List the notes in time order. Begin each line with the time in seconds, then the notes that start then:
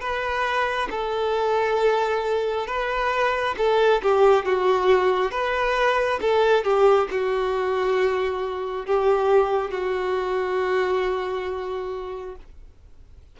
0.00 B4
0.90 A4
2.67 B4
3.57 A4
4.02 G4
4.45 F#4
5.31 B4
6.21 A4
6.64 G4
7.11 F#4
8.86 G4
9.71 F#4